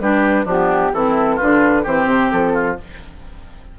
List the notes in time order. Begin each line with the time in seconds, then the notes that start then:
0.00 G3 D4 G4 B4
0.45 F3 B3 D4 G4
0.93 E3 C4 E4 A4
1.35 D4 F4 B4
1.42 D3
1.83 E3 C4 G4 C5
2.06 C3
2.31 F3 A4
2.53 F4